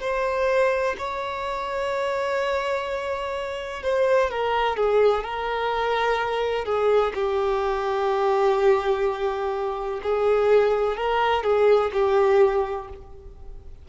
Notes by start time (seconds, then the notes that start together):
0.00 C5
0.98 C#5
3.82 C5
4.30 A#4
4.76 G#4
5.23 A#4
6.65 G#4
7.14 G4
10.03 G#4
10.96 A#4
11.43 G#4
11.93 G4